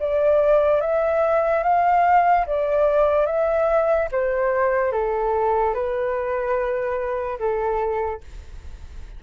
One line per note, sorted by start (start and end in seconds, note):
0.00 0.81 D5
0.81 1.63 E5
1.64 2.46 F5
2.47 3.27 D5
3.27 4.09 E5
4.12 4.92 C5
4.92 5.74 A4
5.74 7.39 B4
7.39 8.21 A4